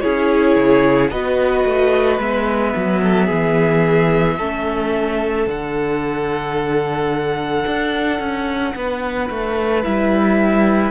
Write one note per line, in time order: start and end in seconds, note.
0.00 0.56 C#4
0.00 1.11 E4
0.00 1.10 G#4
0.00 1.09 C#5
0.56 1.11 C#3
1.10 1.64 B3
1.10 2.20 F#4
1.10 3.01 B4
1.10 2.19 D#5
1.64 2.18 A3
2.18 2.73 G#3
2.18 4.38 B3
2.18 5.48 E5
2.75 3.30 F#3
3.02 3.26 A4
3.26 4.38 E3
3.26 4.35 G#4
4.37 5.46 A3
4.37 5.47 C#4
4.37 8.74 A4
5.46 7.65 D3
5.46 9.83 D4
5.46 9.83 F#5
7.66 8.19 D4
8.19 8.74 C#4
8.75 9.29 B3
8.75 10.91 B4
9.30 9.84 A3
9.83 10.91 G3
9.83 10.91 E4
9.83 10.91 E5